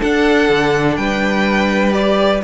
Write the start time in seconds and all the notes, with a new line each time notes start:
0.00 D4 A4 F#5
0.49 D3
0.96 G3 B4 G5
1.92 G4 D5